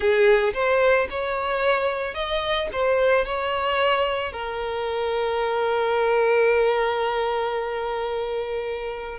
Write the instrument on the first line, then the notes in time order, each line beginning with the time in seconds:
violin
0.00 G#4
0.53 C5
1.10 C#5
2.14 D#5
2.72 C5
3.25 C#5
4.32 A#4